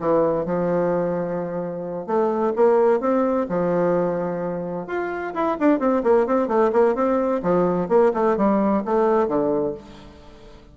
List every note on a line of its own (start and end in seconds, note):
0.00 0.46 E3
0.46 2.07 F3
2.07 2.53 A3
2.56 3.00 A#3
3.00 3.47 C4
3.49 4.88 F3
4.88 5.34 F4
5.34 5.58 E4
5.60 5.80 D4
5.80 6.03 C4
6.04 6.27 A#3
6.27 6.48 C4
6.48 6.71 A3
6.73 6.95 A#3
6.95 7.42 C4
7.43 7.89 F3
7.89 8.12 A#3
8.14 8.37 A3
8.37 8.84 G3
8.85 9.28 A3
9.28 9.75 D3